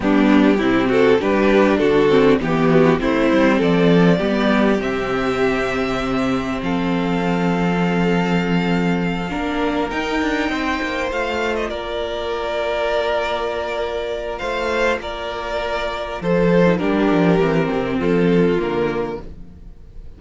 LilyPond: <<
  \new Staff \with { instrumentName = "violin" } { \time 4/4 \tempo 4 = 100 g'4. a'8 b'4 a'4 | g'4 c''4 d''2 | e''2. f''4~ | f''1~ |
f''8 g''2 f''8. dis''16 d''8~ | d''1 | f''4 d''2 c''4 | ais'2 a'4 ais'4 | }
  \new Staff \with { instrumentName = "violin" } { \time 4/4 d'4 e'8 fis'8 g'4 fis'4 | g'8 fis'8 e'4 a'4 g'4~ | g'2. a'4~ | a'2.~ a'8 ais'8~ |
ais'4. c''2 ais'8~ | ais'1 | c''4 ais'2 a'4 | g'2 f'2 | }
  \new Staff \with { instrumentName = "viola" } { \time 4/4 b4 c'4 d'4. c'8 | b4 c'2 b4 | c'1~ | c'2.~ c'8 d'8~ |
d'8 dis'2 f'4.~ | f'1~ | f'2.~ f'8. dis'16 | d'4 c'2 ais4 | }
  \new Staff \with { instrumentName = "cello" } { \time 4/4 g4 c4 g4 d4 | e4 a8 g8 f4 g4 | c2. f4~ | f2.~ f8 ais8~ |
ais8 dis'8 d'8 c'8 ais8 a4 ais8~ | ais1 | a4 ais2 f4 | g8 f8 e8 c8 f4 d4 | }
>>